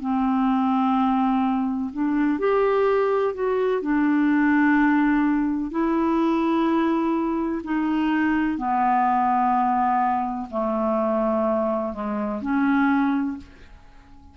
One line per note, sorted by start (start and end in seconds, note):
0.00 1.90 C4
1.93 2.39 D4
2.39 3.34 G4
3.34 3.81 F#4
3.81 5.71 D4
5.71 7.61 E4
7.64 8.57 D#4
8.57 10.48 B3
10.50 11.93 A3
11.93 12.41 G#3
12.41 13.36 C#4